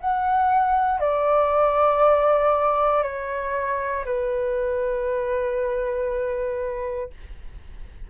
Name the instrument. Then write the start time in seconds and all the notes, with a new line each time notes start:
flute
0.00 F#5
1.00 D5
3.03 C#5
4.05 B4